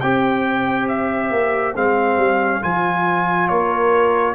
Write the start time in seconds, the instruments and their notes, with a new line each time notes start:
0.00 tuba C4, trombone G4, horn C5, trumpet G5
0.88 trumpet E5
1.30 tuba A#3
1.75 tuba G#3, trombone C4, trumpet F5
2.17 tuba G3
2.61 tuba F3, trombone F4, trumpet G#5
3.48 tuba A#3, horn A#4, trumpet C#5